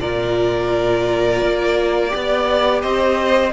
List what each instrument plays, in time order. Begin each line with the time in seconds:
0.00 cello A#2, viola F4, violin A#4 D5
1.42 cello A#3
2.09 viola G4, violin D5
2.15 cello B3
2.82 cello C4, violin C5 D#5